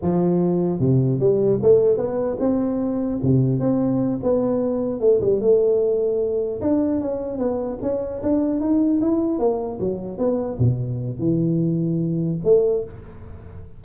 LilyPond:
\new Staff \with { instrumentName = "tuba" } { \time 4/4 \tempo 4 = 150 f2 c4 g4 | a4 b4 c'2 | c4 c'4. b4.~ | b8 a8 g8 a2~ a8~ |
a8 d'4 cis'4 b4 cis'8~ | cis'8 d'4 dis'4 e'4 ais8~ | ais8 fis4 b4 b,4. | e2. a4 | }